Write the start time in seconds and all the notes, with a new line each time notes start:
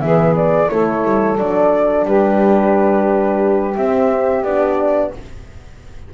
0.00 E3 B3 G#4 E5
0.36 D5
0.69 A3 E4 A4 C#5
1.04 G3
1.38 F#3 D4 D5
2.05 G3 G4 B4
3.75 C4 E5
4.42 B3 D4 D5